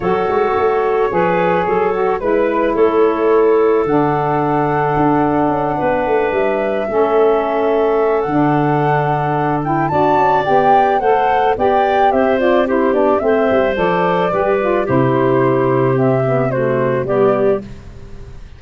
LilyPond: <<
  \new Staff \with { instrumentName = "flute" } { \time 4/4 \tempo 4 = 109 cis''1 | b'4 cis''2 fis''4~ | fis''2.~ fis''8 e''8~ | e''2. fis''4~ |
fis''4. g''8 a''4 g''4 | fis''4 g''4 e''8 d''8 c''8 d''8 | e''4 d''2 c''4~ | c''4 e''4 c''4 d''4 | }
  \new Staff \with { instrumentName = "clarinet" } { \time 4/4 a'2 b'4 a'4 | b'4 a'2.~ | a'2~ a'8 b'4.~ | b'8 a'2.~ a'8~ |
a'2 d''2 | c''4 d''4 c''4 g'4 | c''2 b'4 g'4~ | g'2 fis'4 g'4 | }
  \new Staff \with { instrumentName = "saxophone" } { \time 4/4 fis'2 gis'4. fis'8 | e'2. d'4~ | d'1~ | d'8 cis'2~ cis'8 d'4~ |
d'4. e'8 fis'4 g'4 | a'4 g'4. f'8 e'8 d'8 | c'4 a'4 g'8 f'8 e'4~ | e'4 c'8 b8 a4 b4 | }
  \new Staff \with { instrumentName = "tuba" } { \time 4/4 fis8 gis8 a4 f4 fis4 | gis4 a2 d4~ | d4 d'4 cis'8 b8 a8 g8~ | g8 a2~ a8 d4~ |
d2 d'8 cis'8 b4 | a4 b4 c'4. b8 | a8 g8 f4 g4 c4~ | c2. g4 | }
>>